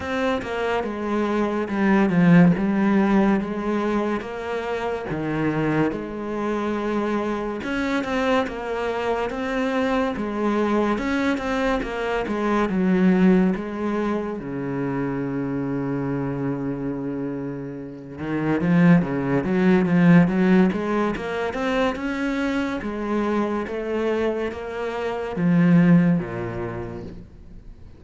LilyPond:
\new Staff \with { instrumentName = "cello" } { \time 4/4 \tempo 4 = 71 c'8 ais8 gis4 g8 f8 g4 | gis4 ais4 dis4 gis4~ | gis4 cis'8 c'8 ais4 c'4 | gis4 cis'8 c'8 ais8 gis8 fis4 |
gis4 cis2.~ | cis4. dis8 f8 cis8 fis8 f8 | fis8 gis8 ais8 c'8 cis'4 gis4 | a4 ais4 f4 ais,4 | }